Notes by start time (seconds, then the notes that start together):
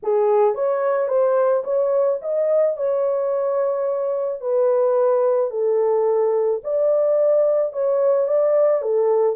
0.03 G#4
0.55 C#5
1.08 C5
1.63 C#5
2.21 D#5
2.76 C#5
4.40 B4
5.50 A4
6.63 D5
7.72 C#5
8.27 D5
8.81 A4